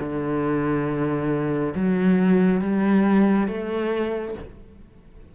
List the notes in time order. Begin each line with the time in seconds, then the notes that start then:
0.00 D3
1.75 F#3
2.61 G3
3.47 A3